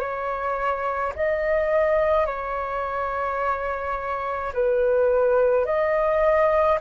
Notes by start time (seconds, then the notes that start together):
0.00 C#5
1.15 D#5
2.26 C#5
4.53 B4
5.65 D#5